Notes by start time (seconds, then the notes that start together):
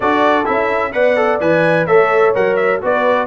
0.00 D4 F#4 A4 D5
0.44 C#4 E4 E5
0.92 B3 B4 D5 F#5
1.16 A4
1.40 E3 B4 G#5
1.86 A3 A4 C#5 E5
2.34 F#3 A#4 F#5
2.56 E5
2.81 B3 F#4 B4 D5